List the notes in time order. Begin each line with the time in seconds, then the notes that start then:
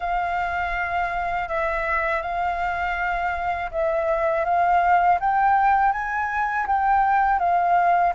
0.00 F5
1.48 E5
2.22 F5
3.71 E5
4.44 F5
5.20 G5
5.92 G#5
6.66 G5
7.39 F5